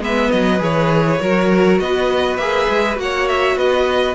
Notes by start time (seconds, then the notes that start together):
0.00 G#3 B3 B4 E5
0.32 F#3 D#5
0.59 E3 G#4 C#5
1.21 F#3 F#4 A#4
1.80 B3 B4 D#5
2.38 A#3 G#4 E5
2.70 G#3
2.96 A#3 F#4 F#5
3.03 C#5
3.29 E5
3.56 B3 B4 D#5